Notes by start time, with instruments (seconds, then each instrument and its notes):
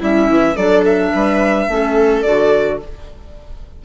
0.00 bassoon G3, clarinet C#4, viola E4, violin E5
0.30 bassoon E3
0.56 bassoon F#3, clarinet D4, viola A4, violin D5
0.86 violin E5
1.12 bassoon G3, viola B4
1.68 bassoon A3, clarinet C#4, viola A4
2.23 bassoon D3, clarinet F#4, violin D5